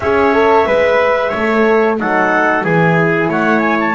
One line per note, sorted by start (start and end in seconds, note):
0.00 0.65 C#4
0.00 0.34 G#4
0.00 0.67 C#5
0.00 1.95 E5
0.34 0.65 A4
0.65 1.32 G#3
0.65 1.31 B4
0.65 1.29 B4
1.29 2.00 A3
1.29 1.95 C#5
1.36 1.99 A4
1.99 2.63 F#3
1.99 2.65 D#4
1.99 2.65 A4
1.99 2.63 F#5
2.63 3.28 E3
2.63 3.94 E4
2.63 3.29 G#4
2.63 3.29 G#5
3.28 3.94 A3
3.28 3.94 C#5
3.28 3.59 F#5
3.59 3.76 G#5
3.80 3.94 A5